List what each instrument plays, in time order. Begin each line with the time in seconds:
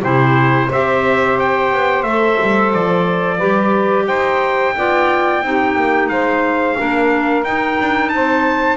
0.00 double bass C3, clarinet E4, saxophone G4, trumpet C5
0.67 double bass C4, clarinet G4, saxophone C5, trumpet E5
1.39 trumpet G5
1.72 double bass B3
2.03 double bass A3, clarinet A4, trumpet E5
2.41 double bass G3
2.73 double bass F3, trumpet D5
3.37 double bass G3, clarinet G4, saxophone B4
4.07 double bass D#4, saxophone C5, trumpet G5
4.76 double bass B3, clarinet F4, saxophone D5
5.42 double bass C4, clarinet D#4, saxophone G4
5.76 double bass A#3
6.08 double bass G#3, saxophone C5, trumpet F5
6.77 double bass A#3, clarinet D4, saxophone A#4
7.44 double bass D#4, clarinet D#4, trumpet G5
7.80 double bass D4
8.09 double bass C4, saxophone C5, trumpet A5